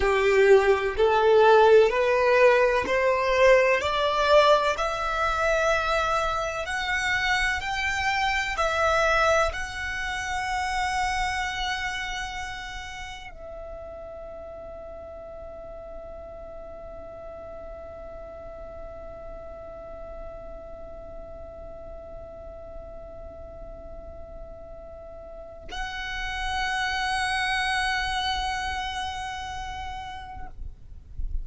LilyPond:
\new Staff \with { instrumentName = "violin" } { \time 4/4 \tempo 4 = 63 g'4 a'4 b'4 c''4 | d''4 e''2 fis''4 | g''4 e''4 fis''2~ | fis''2 e''2~ |
e''1~ | e''1~ | e''2. fis''4~ | fis''1 | }